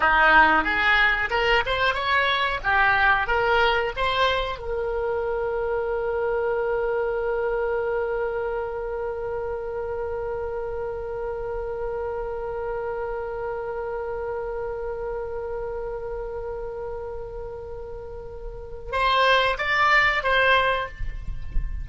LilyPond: \new Staff \with { instrumentName = "oboe" } { \time 4/4 \tempo 4 = 92 dis'4 gis'4 ais'8 c''8 cis''4 | g'4 ais'4 c''4 ais'4~ | ais'1~ | ais'1~ |
ais'1~ | ais'1~ | ais'1~ | ais'4 c''4 d''4 c''4 | }